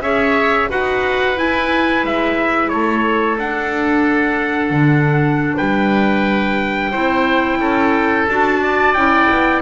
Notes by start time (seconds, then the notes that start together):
0.00 C#4 G#4 C#5 E5
0.69 D#4 F#4 B4 F#5
1.36 E4 G#5
2.04 G#3 E5
2.69 A3 A4 C#5
3.38 D4 F#5
4.71 D3
5.57 G3 B4 G5
6.91 C4 E4 C5
7.59 C#4 A4
8.28 D4 F#4 A5
8.62 D5
8.94 C#4 E4 G5
9.30 B3